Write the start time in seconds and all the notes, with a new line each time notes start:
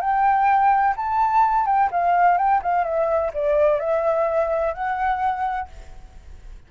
0.00 G5
0.96 A5
1.66 G5
1.91 F5
2.37 G5
2.62 F5
2.84 E5
3.33 D5
3.79 E5
4.73 F#5